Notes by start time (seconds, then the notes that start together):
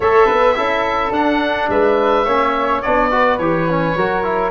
0.00 A3 A4 C#5 E5
0.25 B3 B4
0.55 C#4 E4 A4
1.10 D4 F#5
1.69 G#3 B4 E5
2.24 A#3 C#4 C#5
2.82 B3 D4 D5
3.10 F#4 B4
3.38 E3 G4 C#5
3.69 C#4
3.96 F#3 F#4 A#4
4.23 E4